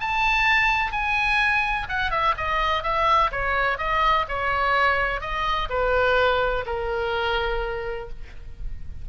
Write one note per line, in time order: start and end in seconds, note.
0.00 0.92 A5
0.92 1.87 G#5
1.89 2.11 F#5
2.11 2.35 E5
2.37 2.83 D#5
2.83 3.31 E5
3.31 3.78 C#5
3.78 4.25 D#5
4.28 5.21 C#5
5.21 5.68 D#5
5.69 6.65 B4
6.66 8.09 A#4